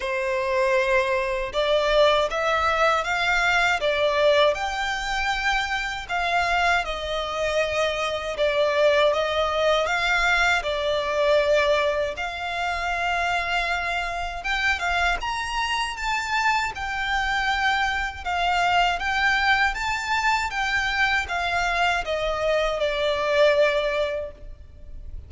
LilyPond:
\new Staff \with { instrumentName = "violin" } { \time 4/4 \tempo 4 = 79 c''2 d''4 e''4 | f''4 d''4 g''2 | f''4 dis''2 d''4 | dis''4 f''4 d''2 |
f''2. g''8 f''8 | ais''4 a''4 g''2 | f''4 g''4 a''4 g''4 | f''4 dis''4 d''2 | }